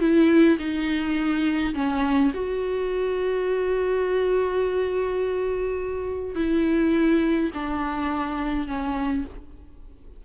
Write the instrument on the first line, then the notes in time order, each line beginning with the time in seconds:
viola
0.00 E4
0.59 D#4
1.74 C#4
2.34 F#4
6.35 E4
7.54 D4
8.67 C#4